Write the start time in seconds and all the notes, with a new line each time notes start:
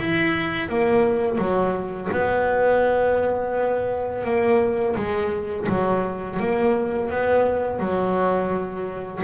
0.00 E4
0.69 A#3
1.38 F#3
2.12 B3
4.25 A#3
4.96 G#3
5.69 F#3
6.40 A#3
7.10 B3
7.80 F#3